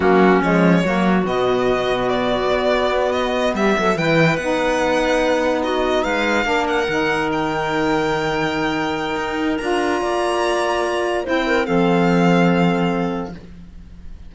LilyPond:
<<
  \new Staff \with { instrumentName = "violin" } { \time 4/4 \tempo 4 = 144 fis'4 cis''2 dis''4~ | dis''4 d''2~ d''8 dis''8~ | dis''8 e''4 g''4 fis''4.~ | fis''4. dis''4 f''4. |
fis''4. g''2~ g''8~ | g''2. ais''4~ | ais''2. g''4 | f''1 | }
  \new Staff \with { instrumentName = "clarinet" } { \time 4/4 cis'2 fis'2~ | fis'1~ | fis'8 g'8 a'8 b'2~ b'8~ | b'4. fis'4 b'4 ais'8~ |
ais'1~ | ais'1 | d''2. c''8 ais'8 | a'1 | }
  \new Staff \with { instrumentName = "saxophone" } { \time 4/4 ais4 gis4 ais4 b4~ | b1~ | b4. e'4 dis'4.~ | dis'2.~ dis'8 d'8~ |
d'8 dis'2.~ dis'8~ | dis'2. f'4~ | f'2. e'4 | c'1 | }
  \new Staff \with { instrumentName = "cello" } { \time 4/4 fis4 f4 fis4 b,4~ | b,2 b2~ | b8 g8 fis8 e4 b4.~ | b2~ b8 gis4 ais8~ |
ais8 dis2.~ dis8~ | dis2 dis'4 d'4 | ais2. c'4 | f1 | }
>>